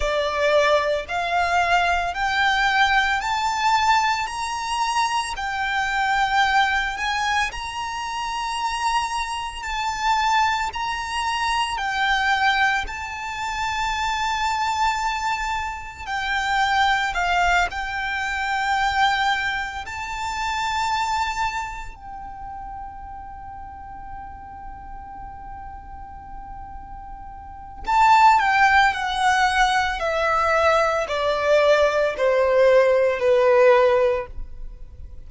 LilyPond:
\new Staff \with { instrumentName = "violin" } { \time 4/4 \tempo 4 = 56 d''4 f''4 g''4 a''4 | ais''4 g''4. gis''8 ais''4~ | ais''4 a''4 ais''4 g''4 | a''2. g''4 |
f''8 g''2 a''4.~ | a''8 g''2.~ g''8~ | g''2 a''8 g''8 fis''4 | e''4 d''4 c''4 b'4 | }